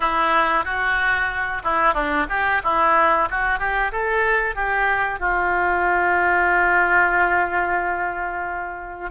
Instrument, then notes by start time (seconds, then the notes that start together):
oboe
0.00 E4
0.64 F#4
1.63 E4
1.94 D4
2.29 G4
2.63 E4
3.30 F#4
3.59 G4
3.92 A4
4.55 G4
5.19 F4